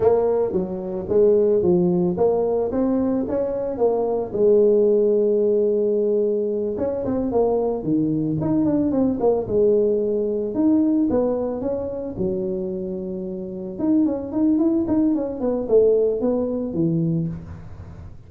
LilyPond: \new Staff \with { instrumentName = "tuba" } { \time 4/4 \tempo 4 = 111 ais4 fis4 gis4 f4 | ais4 c'4 cis'4 ais4 | gis1~ | gis8 cis'8 c'8 ais4 dis4 dis'8 |
d'8 c'8 ais8 gis2 dis'8~ | dis'8 b4 cis'4 fis4.~ | fis4. dis'8 cis'8 dis'8 e'8 dis'8 | cis'8 b8 a4 b4 e4 | }